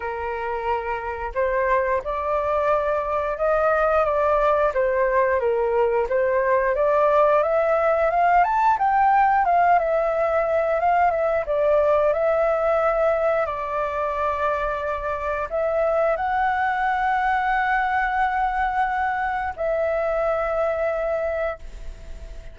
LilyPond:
\new Staff \with { instrumentName = "flute" } { \time 4/4 \tempo 4 = 89 ais'2 c''4 d''4~ | d''4 dis''4 d''4 c''4 | ais'4 c''4 d''4 e''4 | f''8 a''8 g''4 f''8 e''4. |
f''8 e''8 d''4 e''2 | d''2. e''4 | fis''1~ | fis''4 e''2. | }